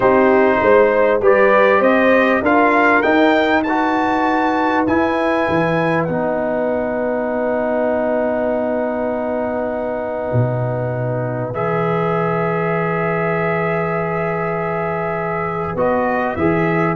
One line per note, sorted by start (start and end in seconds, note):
0.00 0.60 C4
0.00 1.20 D#4
0.00 0.58 G4
0.00 1.21 C5
0.61 1.20 G#3
0.61 1.22 C5
1.20 1.80 G3
1.20 2.43 G4
1.20 1.79 B4
1.20 1.82 D5
1.79 2.41 C4
1.79 2.40 C5
1.79 2.42 D#5
2.41 3.02 D4
2.41 3.03 F4
2.41 3.63 A#4
2.41 3.02 F5
3.02 3.64 D#4
3.02 4.86 D#4
3.02 3.62 G5
3.63 4.87 F#4
3.63 16.96 B4
3.63 4.84 A5
4.86 5.47 E4
4.86 6.08 E4
4.86 6.03 G#5
5.48 6.08 E3
6.03 10.32 B3
6.03 11.54 D#4
6.03 11.49 F#5
10.32 11.52 B2
11.52 15.75 E3
11.52 15.76 G#4
11.52 15.78 E5
15.75 16.35 B3
15.75 16.37 F#4
15.75 16.35 D#5
16.35 16.96 E3
16.35 16.96 G#4
16.35 16.96 E5